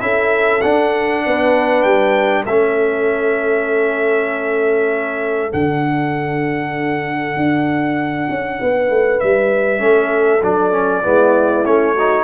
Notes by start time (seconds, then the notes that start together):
0.00 C#4 E4 A4 E5
0.61 D4 F#5
1.26 B3 B4
1.83 G3 G5
2.44 A3 C#4 A4 E5
5.50 D3 D4 F#5
7.37 D4
8.30 C#4
8.61 B3 B4
8.90 A3
9.20 G3 E5
9.79 A3 C#4 A4
10.42 F#3 D4 D5
10.72 C#4
11.03 G#3 B3 E4
11.65 A3 C#4 C#5
11.94 D#4 F#4